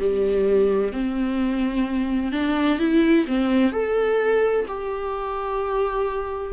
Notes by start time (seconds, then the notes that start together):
0.00 G3
0.93 C4
2.32 D4
2.79 E4
3.28 C4
3.72 A4
4.68 G4